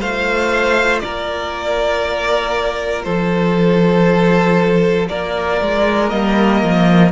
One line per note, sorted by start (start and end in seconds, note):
0.00 1.03 A3
0.00 6.10 F4
0.00 1.02 C5
0.00 1.00 F5
1.00 3.06 A#3
1.00 3.06 A#4
1.00 3.03 D5
3.04 5.09 F3
3.04 5.09 A4
3.04 5.07 C5
5.09 5.61 A#3
5.09 7.12 A#4
5.09 6.10 D5
5.61 6.12 G#3
6.10 6.63 G3
6.10 7.11 A#3
6.10 7.11 D#5
6.63 7.12 F3